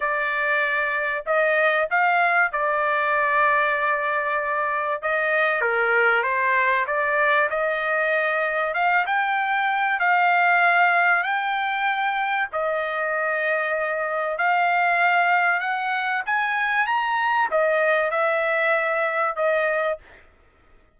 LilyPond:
\new Staff \with { instrumentName = "trumpet" } { \time 4/4 \tempo 4 = 96 d''2 dis''4 f''4 | d''1 | dis''4 ais'4 c''4 d''4 | dis''2 f''8 g''4. |
f''2 g''2 | dis''2. f''4~ | f''4 fis''4 gis''4 ais''4 | dis''4 e''2 dis''4 | }